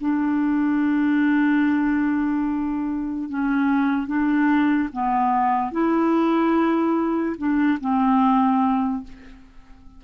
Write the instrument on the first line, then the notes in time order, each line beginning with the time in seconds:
clarinet
0.00 D4
3.29 C#4
4.06 D4
4.92 B3
5.71 E4
7.37 D4
7.80 C4